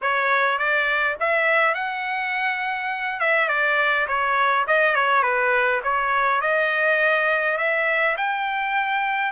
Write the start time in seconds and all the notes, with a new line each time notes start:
0.01 C#5
0.58 D5
1.19 E5
1.74 F#5
3.20 E5
3.48 D5
4.07 C#5
4.67 D#5
4.95 C#5
5.22 B4
5.83 C#5
6.41 D#5
7.57 E5
8.17 G5